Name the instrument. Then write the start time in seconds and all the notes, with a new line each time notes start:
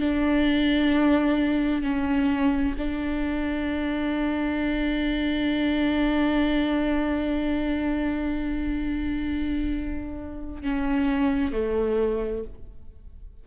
viola
0.00 D4
1.83 C#4
2.78 D4
10.62 C#4
11.52 A3